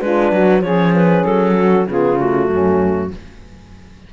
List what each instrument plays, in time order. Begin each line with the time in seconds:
0.00 cello G#3, horn D4, saxophone F4, clarinet B4
0.31 cello F#3, saxophone F#4
0.62 cello F3, horn C#4, saxophone G#4, clarinet C#5
0.95 clarinet B4
1.24 cello F#3, clarinet A4
1.57 saxophone F#4
1.87 cello C#3, horn B3, saxophone F4, clarinet G#4
2.18 horn A3, clarinet F#4
2.49 cello F#2, saxophone C#4